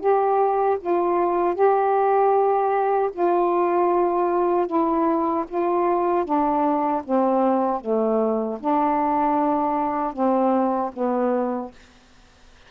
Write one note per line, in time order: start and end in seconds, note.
0.00 0.78 G4
0.80 1.55 F4
1.55 3.11 G4
3.13 4.67 F4
4.67 5.45 E4
5.49 6.24 F4
6.24 7.02 D4
7.04 7.81 C4
7.81 8.59 A3
8.60 10.13 D4
10.13 10.91 C4
10.93 11.71 B3